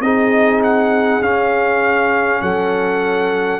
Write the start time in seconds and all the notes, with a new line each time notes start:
0.00 C4 D#4 G#4 D#5
0.63 F#5
1.21 C#4 F5
2.41 F#3 A4 F#5